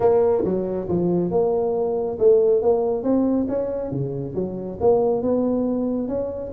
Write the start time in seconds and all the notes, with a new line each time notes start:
0.00 A#3
0.44 F#3
0.88 F3
1.30 A#3
2.19 A3
2.62 A#3
3.03 C4
3.48 C#4
3.91 C#3
4.34 F#3
4.80 A#3
5.22 B3
6.08 C#4